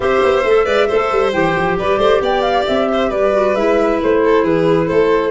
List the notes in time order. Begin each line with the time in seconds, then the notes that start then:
0.00 C4 G4 C5 E5
0.22 B3
0.44 A3 A4
0.65 G#3 B4 D5
0.87 A3 A4 C5
1.11 G3
1.32 E3 G4 G5
1.56 F3
1.78 G3 B4 D5
1.98 A3 C5
2.20 B3 D5 G5
2.41 F5
2.66 C4 E5
2.93 C5
3.08 G3 B4 D5
3.32 F#4
3.55 G#3 E4 E5
4.02 A3 C5
4.24 A4
4.43 E3 G#4 B4
4.87 A3 A4 C5